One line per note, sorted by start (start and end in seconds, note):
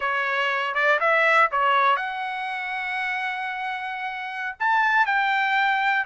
0.00 0.74 C#5
0.74 0.99 D5
0.99 1.49 E5
1.51 1.96 C#5
1.96 4.56 F#5
4.59 5.06 A5
5.06 6.05 G5